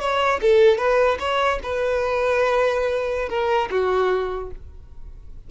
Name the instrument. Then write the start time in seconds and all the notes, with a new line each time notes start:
violin
0.00 C#5
0.41 A4
0.77 B4
1.19 C#5
1.63 B4
3.29 A#4
3.70 F#4